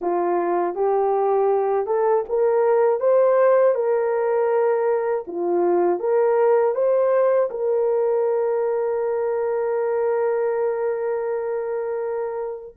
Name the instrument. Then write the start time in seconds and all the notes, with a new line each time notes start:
horn
0.01 F4
0.75 G4
1.86 A4
2.28 A#4
3.00 C5
3.75 A#4
5.27 F4
5.99 A#4
6.74 C5
7.50 A#4